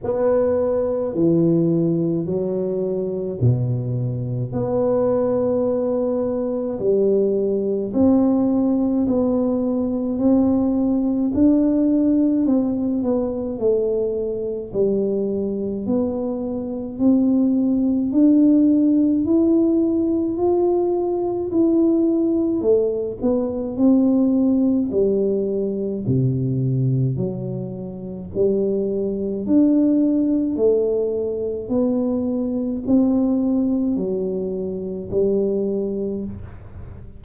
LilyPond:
\new Staff \with { instrumentName = "tuba" } { \time 4/4 \tempo 4 = 53 b4 e4 fis4 b,4 | b2 g4 c'4 | b4 c'4 d'4 c'8 b8 | a4 g4 b4 c'4 |
d'4 e'4 f'4 e'4 | a8 b8 c'4 g4 c4 | fis4 g4 d'4 a4 | b4 c'4 fis4 g4 | }